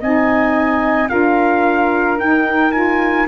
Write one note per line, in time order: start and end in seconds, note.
0.00 1.11 C4
0.00 1.08 D#4
0.00 1.09 D#5
0.00 1.09 G#5
1.08 2.19 D4
1.08 2.17 F4
1.08 3.28 A#4
1.08 2.18 F5
2.19 2.73 D#4
2.19 3.28 D#4
2.19 2.72 G5
2.72 3.27 F4
2.72 3.27 G#5